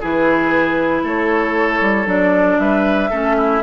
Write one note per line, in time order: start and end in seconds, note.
0.00 1.03 E3
0.00 2.06 E4
0.00 1.03 G#4
0.00 1.06 B4
1.03 1.80 A3
1.03 2.58 A4
1.03 2.09 C#5
1.81 2.06 G3
2.06 2.58 F#3
2.06 3.09 D4
2.06 2.59 D5
2.59 3.11 G3
2.59 3.10 B4
2.59 3.63 E5
3.10 3.63 A3
3.10 3.63 C#4
3.10 3.36 A4
3.37 3.63 E4